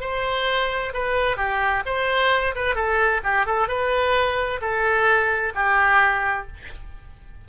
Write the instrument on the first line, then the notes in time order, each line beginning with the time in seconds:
oboe
0.00 C5
0.93 B4
1.37 G4
1.85 C5
2.55 B4
2.75 A4
3.23 G4
3.46 A4
3.68 B4
4.61 A4
5.54 G4